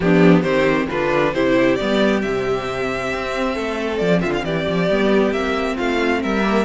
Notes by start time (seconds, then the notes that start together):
0.00 F3 B3 D4 G4
0.42 D#3 C4 G4 C5
0.88 D3 D4 F4 B4
1.33 C3 E4 G4 C5
1.75 G3 B3 D5
2.22 C3 C4 E5
3.13 C4
3.54 A3 A4
3.97 F3 D5
4.20 D3 F4 E5
4.33 F5
4.44 E3 G4 D5
4.68 F3
4.89 G3 B3
5.31 A#3 C4 E5
5.76 A3 F4 F5
6.22 G3 A#4 E5
6.42 A#3